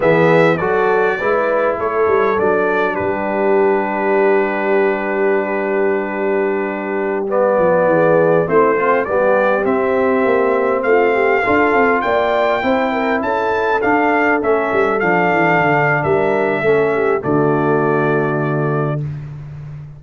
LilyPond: <<
  \new Staff \with { instrumentName = "trumpet" } { \time 4/4 \tempo 4 = 101 e''4 d''2 cis''4 | d''4 b'2.~ | b'1~ | b'16 d''2 c''4 d''8.~ |
d''16 e''2 f''4.~ f''16~ | f''16 g''2 a''4 f''8.~ | f''16 e''4 f''4.~ f''16 e''4~ | e''4 d''2. | }
  \new Staff \with { instrumentName = "horn" } { \time 4/4 gis'4 a'4 b'4 a'4~ | a'4 g'2.~ | g'1~ | g'4~ g'16 gis'4 e'8 c'8 g'8.~ |
g'2~ g'16 f'8 g'8 a'8.~ | a'16 d''4 c''8 ais'8 a'4.~ a'16~ | a'2. ais'4 | a'8 g'8 fis'2. | }
  \new Staff \with { instrumentName = "trombone" } { \time 4/4 b4 fis'4 e'2 | d'1~ | d'1~ | d'16 b2 c'8 f'8 b8.~ |
b16 c'2. f'8.~ | f'4~ f'16 e'2 d'8.~ | d'16 cis'4 d'2~ d'8. | cis'4 a2. | }
  \new Staff \with { instrumentName = "tuba" } { \time 4/4 e4 fis4 gis4 a8 g8 | fis4 g2.~ | g1~ | g8. f8 e4 a4 g8.~ |
g16 c'4 ais4 a4 d'8 c'16~ | c'16 ais4 c'4 cis'4 d'8.~ | d'16 a8 g8 f8 e8 d8. g4 | a4 d2. | }
>>